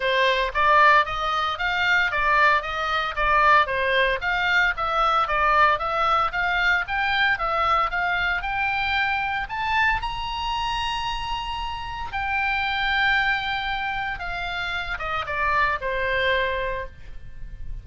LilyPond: \new Staff \with { instrumentName = "oboe" } { \time 4/4 \tempo 4 = 114 c''4 d''4 dis''4 f''4 | d''4 dis''4 d''4 c''4 | f''4 e''4 d''4 e''4 | f''4 g''4 e''4 f''4 |
g''2 a''4 ais''4~ | ais''2. g''4~ | g''2. f''4~ | f''8 dis''8 d''4 c''2 | }